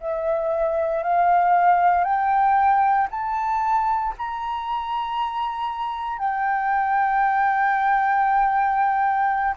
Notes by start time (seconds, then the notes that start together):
0.00 E5
1.03 F5
2.04 G5
3.10 A5
4.18 A#5
6.18 G5